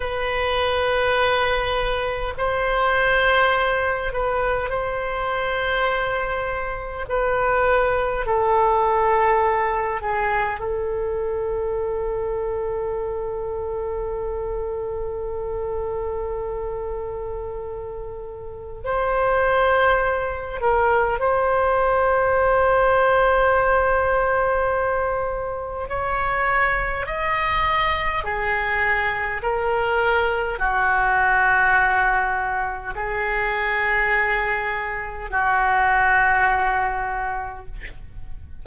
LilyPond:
\new Staff \with { instrumentName = "oboe" } { \time 4/4 \tempo 4 = 51 b'2 c''4. b'8 | c''2 b'4 a'4~ | a'8 gis'8 a'2.~ | a'1 |
c''4. ais'8 c''2~ | c''2 cis''4 dis''4 | gis'4 ais'4 fis'2 | gis'2 fis'2 | }